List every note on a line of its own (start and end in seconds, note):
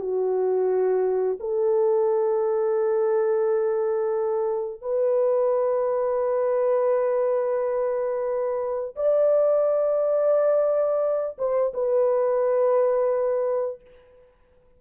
0.00 1.38 F#4
1.40 4.82 A4
4.82 8.95 B4
8.96 11.37 D5
11.38 11.73 C5
11.74 13.81 B4